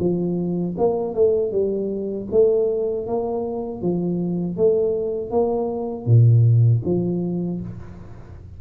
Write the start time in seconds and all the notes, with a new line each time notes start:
0.00 F3
0.78 A#3
1.15 A3
1.52 G3
2.32 A3
3.08 A#3
3.82 F3
4.57 A3
5.31 A#3
6.06 A#2
6.85 F3